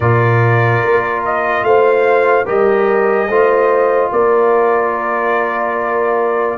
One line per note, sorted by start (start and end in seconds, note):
0.00 0.81 A#2
0.00 2.46 F4
0.00 1.63 A#4
0.00 1.23 D5
0.83 1.62 A#3
1.25 1.64 D#5
1.62 2.45 A3
1.62 2.45 C5
1.62 2.46 F5
2.45 3.28 G3
2.45 3.28 G4
2.45 3.27 A#4
2.45 4.11 D#5
3.28 4.10 A3
3.28 6.58 F4
3.28 4.11 C5
4.11 6.58 A#3
4.11 6.58 A#4
4.11 6.58 D5